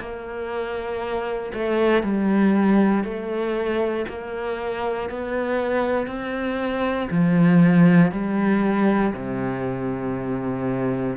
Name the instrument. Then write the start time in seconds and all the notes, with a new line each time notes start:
cello
0.00 A#3
1.53 A3
2.03 G3
3.04 A3
4.09 A#3
5.09 B3
6.07 C4
7.10 F3
8.12 G3
9.14 C3